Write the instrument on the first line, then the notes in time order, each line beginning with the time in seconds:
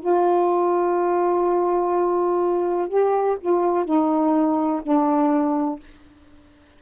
saxophone
0.00 F4
2.89 G4
3.40 F4
3.85 D#4
4.83 D4